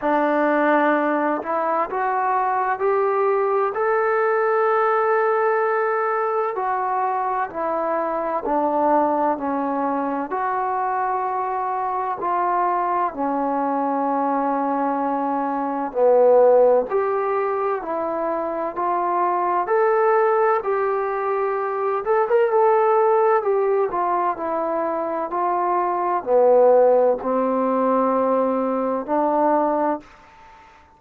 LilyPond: \new Staff \with { instrumentName = "trombone" } { \time 4/4 \tempo 4 = 64 d'4. e'8 fis'4 g'4 | a'2. fis'4 | e'4 d'4 cis'4 fis'4~ | fis'4 f'4 cis'2~ |
cis'4 b4 g'4 e'4 | f'4 a'4 g'4. a'16 ais'16 | a'4 g'8 f'8 e'4 f'4 | b4 c'2 d'4 | }